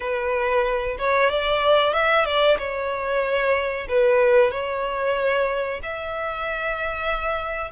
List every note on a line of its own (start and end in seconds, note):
0.00 0.97 B4
0.98 1.30 C#5
1.30 1.93 D5
1.93 2.25 E5
2.25 2.57 D5
2.58 3.87 C#5
3.88 4.51 B4
4.51 5.80 C#5
5.82 7.71 E5